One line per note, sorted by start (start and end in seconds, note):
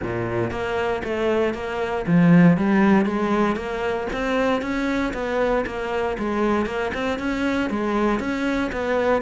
0.02 0.51 A#2
0.51 1.02 A#3
1.04 1.54 A3
1.54 2.05 A#3
2.06 2.57 F3
2.57 3.05 G3
3.05 3.56 G#3
3.56 4.07 A#3
4.12 4.61 C4
4.61 5.12 C#4
5.13 5.64 B3
5.65 6.17 A#3
6.18 6.65 G#3
6.65 6.91 A#3
6.93 7.19 C4
7.19 7.69 C#4
7.69 8.19 G#3
8.19 8.70 C#4
8.72 9.22 B3